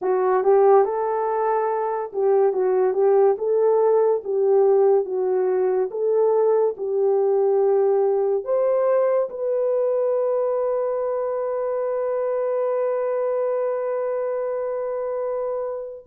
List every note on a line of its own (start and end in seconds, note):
0.01 0.43 F#4
0.43 0.85 G4
0.85 2.11 A4
2.12 2.52 G4
2.52 2.93 F#4
2.93 3.36 G4
3.38 4.22 A4
4.23 5.05 G4
5.05 5.89 F#4
5.90 6.75 A4
6.77 8.44 G4
8.44 9.29 C5
9.29 16.05 B4